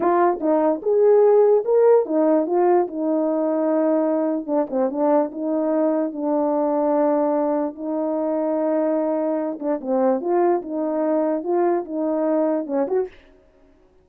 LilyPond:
\new Staff \with { instrumentName = "horn" } { \time 4/4 \tempo 4 = 147 f'4 dis'4 gis'2 | ais'4 dis'4 f'4 dis'4~ | dis'2. d'8 c'8 | d'4 dis'2 d'4~ |
d'2. dis'4~ | dis'2.~ dis'8 d'8 | c'4 f'4 dis'2 | f'4 dis'2 cis'8 fis'8 | }